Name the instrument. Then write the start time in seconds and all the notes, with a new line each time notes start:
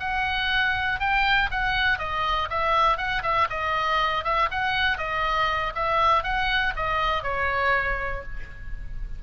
oboe
0.00 F#5
1.00 G5
1.51 F#5
1.99 D#5
2.50 E5
2.97 F#5
3.23 E5
3.50 D#5
4.24 E5
4.51 F#5
4.98 D#5
5.75 E5
6.24 F#5
6.76 D#5
7.23 C#5